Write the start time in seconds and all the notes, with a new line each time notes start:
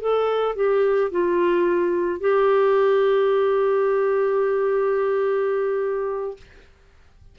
0.00 A4
0.55 G4
1.11 F4
2.20 G4